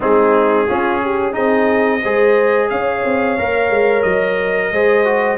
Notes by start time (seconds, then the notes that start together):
0.00 G#3 C4 D#4 G#4
0.67 C#4 F4
1.03 G4
1.32 C4 D#4 G#4 D#5
2.02 G#3 G#4 C5
2.69 C#4 C#5 F5
3.04 C4
3.38 A#3 A#4
3.70 G#3
4.02 F#3 D#5
4.71 G#3 G#4 C5
5.04 F#4